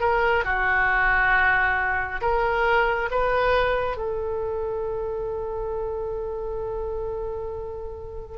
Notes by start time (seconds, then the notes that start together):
0.00 A#4
0.45 F#4
2.21 A#4
3.10 B4
3.97 A4